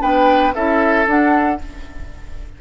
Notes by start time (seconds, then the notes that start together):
0.00 B3 D4 B4 G5
0.54 C#4 E4 A4 E5
1.06 D4 F#5